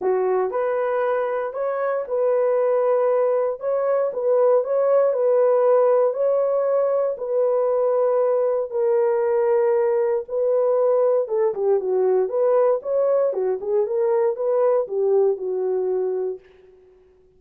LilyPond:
\new Staff \with { instrumentName = "horn" } { \time 4/4 \tempo 4 = 117 fis'4 b'2 cis''4 | b'2. cis''4 | b'4 cis''4 b'2 | cis''2 b'2~ |
b'4 ais'2. | b'2 a'8 g'8 fis'4 | b'4 cis''4 fis'8 gis'8 ais'4 | b'4 g'4 fis'2 | }